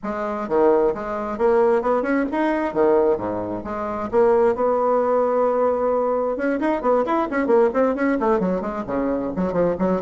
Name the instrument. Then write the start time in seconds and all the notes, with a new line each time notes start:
bassoon
0.03 G#3
0.48 D#3
0.94 G#3
1.38 A#3
1.82 B3
2.02 C#4
2.31 D#4
2.73 D#3
3.17 G#2
3.64 G#3
4.11 A#3
4.55 B3
6.36 C#4
6.60 D#4
6.81 B3
7.05 E4
7.30 C#4
7.47 A#3
7.73 C4
7.95 C#4
8.20 A3
8.39 F#3
8.61 G#3
8.86 C#3
9.36 F#3
9.52 F3
9.79 F#3